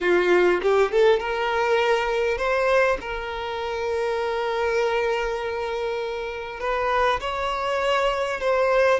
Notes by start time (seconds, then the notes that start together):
0.00 F4
0.61 G4
0.91 A4
1.19 A#4
2.37 C5
3.00 A#4
6.60 B4
7.20 C#5
8.40 C5